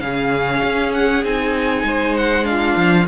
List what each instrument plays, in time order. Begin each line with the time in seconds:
0.00 cello C#3, viola C#4, violin G#4 F5
0.63 cello C#4
0.93 violin F#5
1.24 cello C4, viola D#4, violin G#5
1.83 cello G#3, violin C5
2.16 violin F#5
2.43 viola D4, violin F5
2.51 violin F4
2.76 cello F3